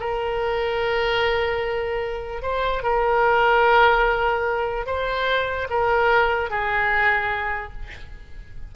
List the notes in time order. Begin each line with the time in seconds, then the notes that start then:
0.00 A#4
2.42 C5
2.83 A#4
4.87 C5
5.70 A#4
6.50 G#4